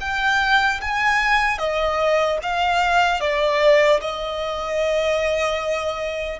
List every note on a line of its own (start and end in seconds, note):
0.00 0.80 G5
0.81 1.58 G#5
1.58 2.38 D#5
2.42 3.20 F5
3.20 4.00 D5
4.00 6.39 D#5